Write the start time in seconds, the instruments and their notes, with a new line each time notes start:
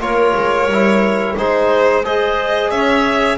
0.00 double bass A#3, trombone F4, clarinet A#4, violin C#5
0.35 double bass G#3
0.67 double bass G3, trombone E4
1.36 double bass G#3, trombone D#4, clarinet G#4, violin C5
2.03 trombone G#4, clarinet C5, violin D#5
2.70 double bass C#4, clarinet C#5, violin E5